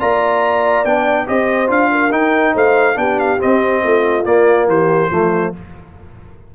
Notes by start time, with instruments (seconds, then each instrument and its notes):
0.00 tuba A#3, trombone F4, horn D5, trumpet A#5
0.85 tuba B3, trombone D4, trumpet G5
1.27 tuba C4, trombone G4, horn C5, trumpet D#5
1.67 tuba D4, trombone F4, trumpet F5
1.92 horn A#4
2.12 tuba D#4, trombone D#4, trumpet G5
2.54 tuba A3, horn C5, trumpet F5
2.96 tuba B3, trombone D4, horn G4, trumpet G5
3.20 trumpet F5
3.39 trombone C4, tuba C4, trumpet D#5
3.84 tuba A3, horn F4
4.25 tuba A#3, trombone A#3, trumpet D5
4.68 tuba E3, horn G4, trumpet C5
5.11 tuba F3, trombone A3, horn F4